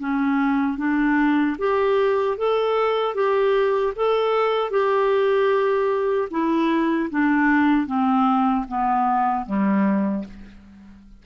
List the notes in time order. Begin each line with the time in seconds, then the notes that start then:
0.00 C#4
0.78 D4
1.59 G4
2.38 A4
3.15 G4
3.96 A4
4.71 G4
6.31 E4
7.11 D4
7.87 C4
8.68 B3
9.46 G3